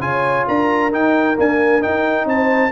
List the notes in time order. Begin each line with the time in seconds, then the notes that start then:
0.00 C#3 F4 C#5 G#5
0.48 D4 A#4 A#5
0.92 D#4 G5
1.36 A#3 D4 G#5
1.81 D#4 G5
2.26 C4 C5 A5